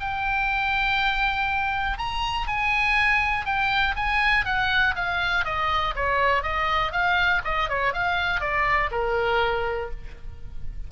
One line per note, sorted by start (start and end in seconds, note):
0.00 1.98 G5
1.98 2.47 A#5
2.47 3.45 G#5
3.45 3.95 G5
3.96 4.45 G#5
4.45 4.95 F#5
4.95 5.45 F5
5.45 5.94 D#5
5.95 6.43 C#5
6.43 6.92 D#5
6.92 7.42 F5
7.44 7.69 D#5
7.69 7.93 C#5
7.93 8.40 F5
8.40 8.90 D5
8.91 9.90 A#4